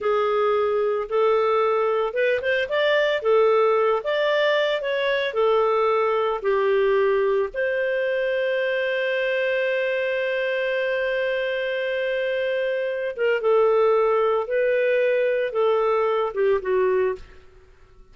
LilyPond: \new Staff \with { instrumentName = "clarinet" } { \time 4/4 \tempo 4 = 112 gis'2 a'2 | b'8 c''8 d''4 a'4. d''8~ | d''4 cis''4 a'2 | g'2 c''2~ |
c''1~ | c''1~ | c''8 ais'8 a'2 b'4~ | b'4 a'4. g'8 fis'4 | }